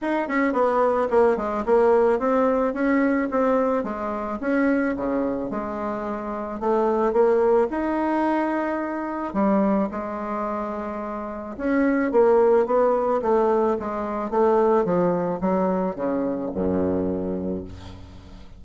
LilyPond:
\new Staff \with { instrumentName = "bassoon" } { \time 4/4 \tempo 4 = 109 dis'8 cis'8 b4 ais8 gis8 ais4 | c'4 cis'4 c'4 gis4 | cis'4 cis4 gis2 | a4 ais4 dis'2~ |
dis'4 g4 gis2~ | gis4 cis'4 ais4 b4 | a4 gis4 a4 f4 | fis4 cis4 fis,2 | }